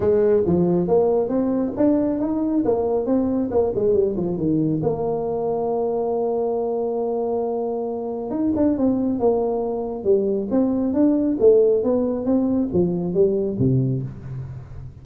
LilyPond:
\new Staff \with { instrumentName = "tuba" } { \time 4/4 \tempo 4 = 137 gis4 f4 ais4 c'4 | d'4 dis'4 ais4 c'4 | ais8 gis8 g8 f8 dis4 ais4~ | ais1~ |
ais2. dis'8 d'8 | c'4 ais2 g4 | c'4 d'4 a4 b4 | c'4 f4 g4 c4 | }